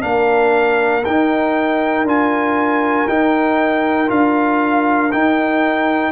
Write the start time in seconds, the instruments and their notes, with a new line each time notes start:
0.00 tuba A#3, trombone D4, horn A#4, trumpet F5
1.04 tuba D#4, trombone D#4, trumpet G5
2.03 tuba D4, trombone F4, trumpet G#5
3.08 tuba D#4, trombone D#4, trumpet G5
4.07 tuba D4, trombone F4, trumpet F5
5.12 trombone D#4, tuba D#4, trumpet G5